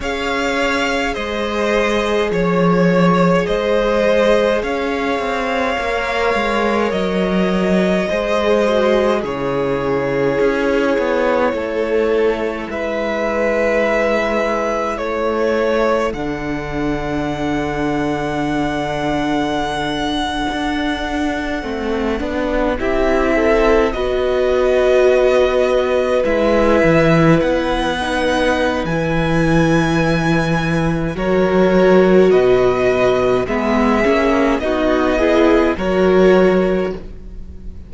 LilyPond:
<<
  \new Staff \with { instrumentName = "violin" } { \time 4/4 \tempo 4 = 52 f''4 dis''4 cis''4 dis''4 | f''2 dis''2 | cis''2. e''4~ | e''4 cis''4 fis''2~ |
fis''2.~ fis''8. e''16~ | e''8. dis''2 e''4 fis''16~ | fis''4 gis''2 cis''4 | dis''4 e''4 dis''4 cis''4 | }
  \new Staff \with { instrumentName = "violin" } { \time 4/4 cis''4 c''4 cis''4 c''4 | cis''2. c''4 | gis'2 a'4 b'4~ | b'4 a'2.~ |
a'2.~ a'8. g'16~ | g'16 a'8 b'2.~ b'16~ | b'2. ais'4 | b'4 gis'4 fis'8 gis'8 ais'4 | }
  \new Staff \with { instrumentName = "viola" } { \time 4/4 gis'1~ | gis'4 ais'2 gis'8 fis'8 | e'1~ | e'2 d'2~ |
d'2~ d'8. c'8 d'8 e'16~ | e'8. fis'2 e'4~ e'16~ | e'16 dis'8. e'2 fis'4~ | fis'4 b8 cis'8 dis'8 e'8 fis'4 | }
  \new Staff \with { instrumentName = "cello" } { \time 4/4 cis'4 gis4 f4 gis4 | cis'8 c'8 ais8 gis8 fis4 gis4 | cis4 cis'8 b8 a4 gis4~ | gis4 a4 d2~ |
d4.~ d16 d'4 a8 b8 c'16~ | c'8. b2 gis8 e8 b16~ | b4 e2 fis4 | b,4 gis8 ais8 b4 fis4 | }
>>